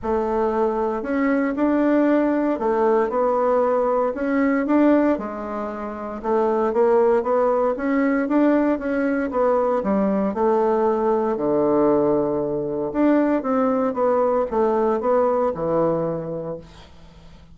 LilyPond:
\new Staff \with { instrumentName = "bassoon" } { \time 4/4 \tempo 4 = 116 a2 cis'4 d'4~ | d'4 a4 b2 | cis'4 d'4 gis2 | a4 ais4 b4 cis'4 |
d'4 cis'4 b4 g4 | a2 d2~ | d4 d'4 c'4 b4 | a4 b4 e2 | }